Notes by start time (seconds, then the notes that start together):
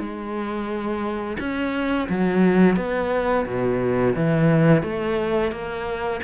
0.00 G#3
1.40 C#4
2.10 F#3
2.77 B3
3.46 B2
4.16 E3
4.83 A3
5.52 A#3